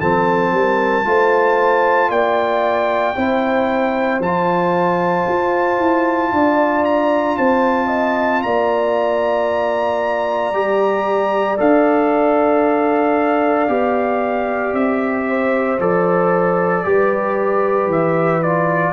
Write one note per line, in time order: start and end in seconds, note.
0.00 0.51 F3
0.00 1.05 C4
0.00 0.53 A4
0.00 2.11 A5
0.51 1.04 G3
0.51 1.06 A#4
1.05 2.09 A3
1.05 3.15 F4
1.05 2.11 C5
2.09 3.14 A#3
2.09 3.16 D5
2.09 4.21 G5
3.16 4.20 C4
3.16 4.21 E4
3.16 6.32 C5
4.20 5.25 F3
4.20 10.54 F4
4.20 6.85 A5
5.29 5.79 F4
5.79 6.32 E4
6.32 7.37 D4
6.32 7.39 D5
6.85 7.37 A#5
7.37 8.44 C4
7.37 7.87 C5
7.37 8.42 A5
7.87 8.40 D#5
8.42 10.53 A#3
8.42 15.28 D5
8.42 11.58 A#5
10.53 11.58 G3
10.53 11.58 G4
11.58 13.69 D4
11.58 13.68 A4
11.58 14.75 F5
13.68 14.73 B3
13.68 15.79 G4
14.73 15.79 C4
14.73 15.80 E5
15.28 16.86 C5
15.80 16.85 F3
15.80 16.85 A4
15.80 17.92 D5
16.85 17.87 G3
16.85 18.43 G4
16.85 18.93 B4
17.87 18.92 E3
17.87 18.43 E5
18.43 18.93 F4
18.43 18.93 D5